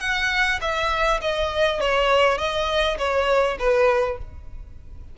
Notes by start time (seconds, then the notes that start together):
0.00 F#5
0.61 E5
1.21 D#5
1.81 C#5
2.38 D#5
2.98 C#5
3.59 B4